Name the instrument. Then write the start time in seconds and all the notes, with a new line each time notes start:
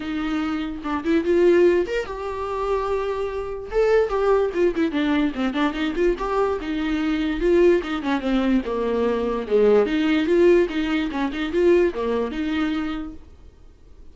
viola
0.00 D#4
0.83 D4
1.04 E4
1.24 F4
1.86 A#4
2.06 G4
3.71 A4
4.09 G4
4.54 F4
4.75 E4
4.91 D4
5.34 C4
5.53 D4
5.73 D#4
5.95 F4
6.18 G4
6.60 D#4
7.40 F4
7.83 D#4
8.02 C#4
8.20 C4
8.65 A#3
9.47 G#3
9.86 D#4
10.26 F4
10.69 D#4
11.11 C#4
11.32 D#4
11.52 F4
11.94 A#3
12.31 D#4